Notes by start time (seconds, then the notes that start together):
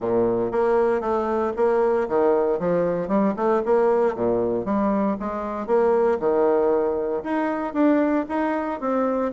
0.00 A#2
0.51 A#3
1.00 A3
1.56 A#3
2.08 D#3
2.59 F3
3.08 G3
3.36 A3
3.65 A#3
4.15 A#2
4.65 G3
5.19 G#3
5.66 A#3
6.19 D#3
7.23 D#4
7.73 D4
8.28 D#4
8.80 C4